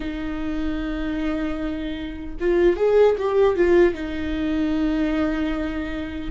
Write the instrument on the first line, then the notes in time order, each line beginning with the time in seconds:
viola
0.00 D#4
2.40 F4
2.76 G#4
3.18 G4
3.55 F4
3.93 D#4